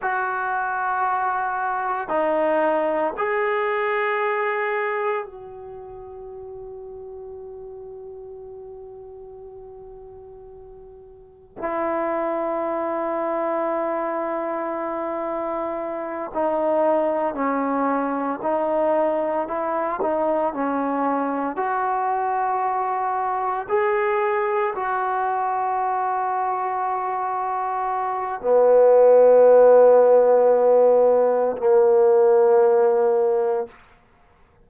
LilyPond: \new Staff \with { instrumentName = "trombone" } { \time 4/4 \tempo 4 = 57 fis'2 dis'4 gis'4~ | gis'4 fis'2.~ | fis'2. e'4~ | e'2.~ e'8 dis'8~ |
dis'8 cis'4 dis'4 e'8 dis'8 cis'8~ | cis'8 fis'2 gis'4 fis'8~ | fis'2. b4~ | b2 ais2 | }